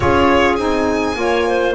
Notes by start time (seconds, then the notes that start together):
0.00 C#4 F4 G#4 C#5
0.55 C4 D#4 G#5
1.15 A#3 F4 C#5
1.48 C5